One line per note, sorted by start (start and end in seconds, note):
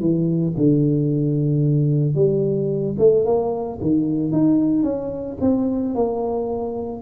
0.00 0.54 E3
0.57 2.15 D3
2.15 2.96 G3
2.98 3.25 A3
3.25 3.79 A#3
3.81 4.32 D#3
4.32 4.83 D#4
4.83 5.37 C#4
5.41 5.95 C4
5.95 7.02 A#3